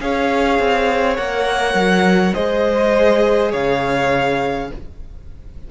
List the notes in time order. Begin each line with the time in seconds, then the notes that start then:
0.00 C#4 G#4 C#5 F5
0.59 C4
1.16 A#3 A#4 F#5
1.74 F#3
2.34 G#3 G#4 C5 D#5
3.51 C#3 C#5 F5